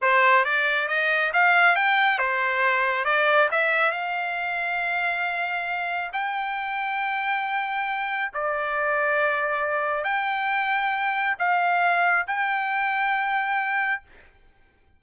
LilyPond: \new Staff \with { instrumentName = "trumpet" } { \time 4/4 \tempo 4 = 137 c''4 d''4 dis''4 f''4 | g''4 c''2 d''4 | e''4 f''2.~ | f''2 g''2~ |
g''2. d''4~ | d''2. g''4~ | g''2 f''2 | g''1 | }